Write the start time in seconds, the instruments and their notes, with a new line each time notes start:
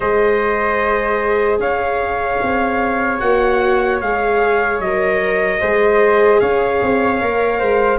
0.00 tuba G#3, viola G#4, flute C5, trumpet D#5
1.59 tuba C#4, flute C#5, trumpet F5
2.42 tuba C4
3.19 tuba A#3, viola F#4, trumpet F#5
4.00 tuba G#3, viola G#4, trumpet F5
4.79 tuba F#3, viola A#4, trumpet D#5
5.60 tuba G#3, viola G#4, flute C5
6.40 tuba C#4, flute C#5, trumpet F5
6.82 tuba C4
7.21 tuba A#3, viola A#4
7.59 tuba G#3, flute C5